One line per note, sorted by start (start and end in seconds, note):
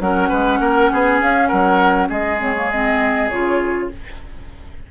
0.00 0.30 F#3
0.00 2.40 C#4
0.00 0.29 A#4
0.00 1.21 F#5
0.29 0.60 G#3
0.29 0.59 B4
0.60 0.90 A#3
0.60 0.91 A#4
0.92 1.21 B3
0.92 1.49 G#4
1.21 1.51 C#4
1.21 1.48 F5
1.48 2.10 F#3
1.48 2.08 A#4
1.48 2.08 F#5
2.09 3.30 G#3
2.09 3.89 G#4
2.09 2.41 D#5
2.40 2.55 C4
2.40 2.71 C#5
2.56 2.71 A#3
2.71 3.31 C4
2.71 3.30 D#5
3.30 3.91 C#3
3.30 3.91 F4
3.30 3.90 C#5